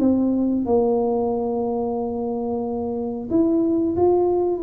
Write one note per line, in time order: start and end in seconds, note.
0.00 0.66 C4
0.66 3.30 A#3
3.31 3.97 E4
3.97 4.63 F4